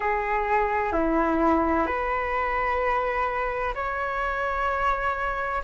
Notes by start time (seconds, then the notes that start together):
0.00 G#4
0.92 E4
1.86 B4
3.75 C#5